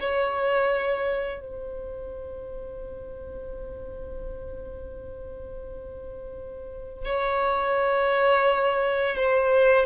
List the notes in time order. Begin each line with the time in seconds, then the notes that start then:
0.00 C#5
1.40 C5
7.05 C#5
9.16 C5